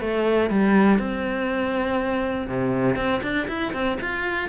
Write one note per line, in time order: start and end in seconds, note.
0.00 0.50 A3
0.50 0.98 G3
0.98 2.47 C4
2.47 2.95 C3
2.95 3.20 C4
3.23 3.48 D4
3.48 3.73 E4
3.73 3.98 C4
4.01 4.49 F4